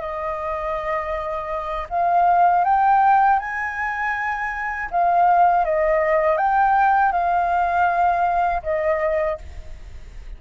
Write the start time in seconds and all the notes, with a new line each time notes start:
0.00 D#5
1.89 F5
2.64 G5
3.39 G#5
4.91 F5
5.65 D#5
6.37 G5
7.12 F5
8.63 D#5